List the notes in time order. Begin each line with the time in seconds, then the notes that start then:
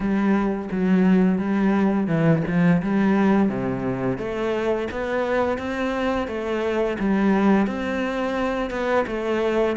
0.00 G3
0.71 F#3
1.38 G3
2.07 E3
2.47 F3
2.82 G3
3.49 C3
4.18 A3
4.91 B3
5.58 C4
6.27 A3
6.99 G3
7.66 C4
8.70 B3
9.06 A3